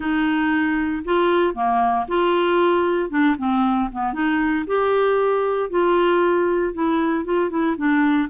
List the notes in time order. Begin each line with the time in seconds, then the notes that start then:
0.00 D#4
1.04 F4
1.54 A#3
2.07 F4
3.10 D4
3.38 C4
3.91 B3
4.13 D#4
4.66 G4
5.70 F4
6.73 E4
7.24 F4
7.50 E4
7.77 D4